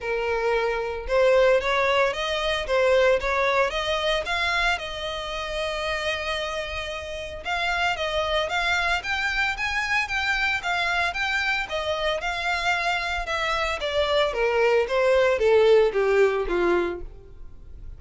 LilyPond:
\new Staff \with { instrumentName = "violin" } { \time 4/4 \tempo 4 = 113 ais'2 c''4 cis''4 | dis''4 c''4 cis''4 dis''4 | f''4 dis''2.~ | dis''2 f''4 dis''4 |
f''4 g''4 gis''4 g''4 | f''4 g''4 dis''4 f''4~ | f''4 e''4 d''4 ais'4 | c''4 a'4 g'4 f'4 | }